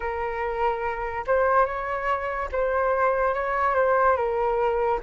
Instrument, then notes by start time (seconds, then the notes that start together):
flute
0.00 A#4
1.26 C5
1.65 C#5
2.52 C5
3.34 C#5
3.75 C5
4.16 A#4